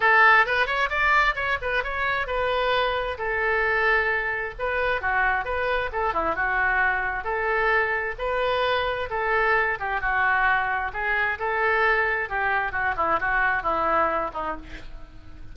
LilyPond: \new Staff \with { instrumentName = "oboe" } { \time 4/4 \tempo 4 = 132 a'4 b'8 cis''8 d''4 cis''8 b'8 | cis''4 b'2 a'4~ | a'2 b'4 fis'4 | b'4 a'8 e'8 fis'2 |
a'2 b'2 | a'4. g'8 fis'2 | gis'4 a'2 g'4 | fis'8 e'8 fis'4 e'4. dis'8 | }